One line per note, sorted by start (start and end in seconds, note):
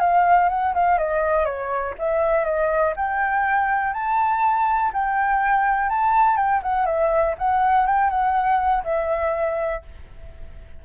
0.00 0.49 F5
0.50 0.74 F#5
0.75 0.99 F5
0.99 1.45 D#5
1.45 1.94 C#5
1.99 2.45 E5
2.45 2.94 D#5
2.97 3.94 G5
3.94 4.92 A5
4.93 5.90 G5
5.90 6.37 A5
6.37 6.61 G5
6.63 6.86 F#5
6.86 7.35 E5
7.39 7.87 F#5
7.87 8.10 G5
8.10 8.84 F#5
8.84 9.83 E5